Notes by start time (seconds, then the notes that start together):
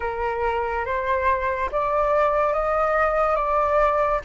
0.00 A#4
0.85 C5
1.71 D5
2.53 D#5
3.35 D5